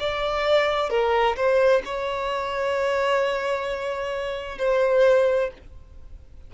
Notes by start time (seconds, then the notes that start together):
0.00 D5
0.90 A#4
1.36 C5
1.85 C#5
4.59 C5